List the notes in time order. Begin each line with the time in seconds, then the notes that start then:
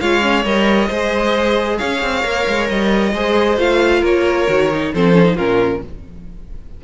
0.00 G#3 F4 C#5 F5
0.21 C#4
0.44 G3 A#4 D#5
0.88 G#3 G#4 C5
1.78 C#4 C#5 F5
2.02 C4
2.23 A#3 A#4
2.48 G#3
2.69 G3 D#5
3.13 G#3 G#4 C5
3.57 A3 F4 F5
4.01 A#3 A#4 C#5
4.48 D#3 F#4
4.73 D#4
4.94 F3 C4 A4 C5
5.13 C#4
5.24 D#4
5.36 A#2 C#4 F4 A#4